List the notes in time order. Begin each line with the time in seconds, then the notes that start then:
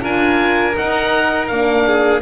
0.00 D4 F4 A#4 G#5
0.76 D#4 F#5
1.47 A#3 D4 F5
1.86 G#4